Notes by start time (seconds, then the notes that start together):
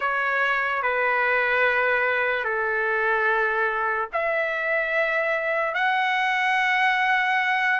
0.00 C#5
0.82 B4
2.44 A4
4.12 E5
5.74 F#5